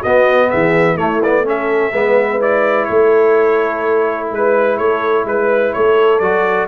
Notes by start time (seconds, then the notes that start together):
0.00 B3 F#4 D#5
0.50 E3 G#4 E5
0.95 A3 E4 C#5
1.23 B3 D5
1.44 C#4 A4 E5
1.92 G#3 B3 B4
2.40 E4 D5
2.85 A3 A4 C#5
4.32 G#3 B4
4.77 A3 A4 C#5
5.25 G#3 B4
5.73 A3 A4 C#5
6.19 F#3 F#4 D5